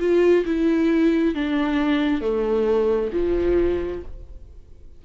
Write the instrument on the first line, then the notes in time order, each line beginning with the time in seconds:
viola
0.00 F4
0.46 E4
1.35 D4
2.21 A3
3.13 F3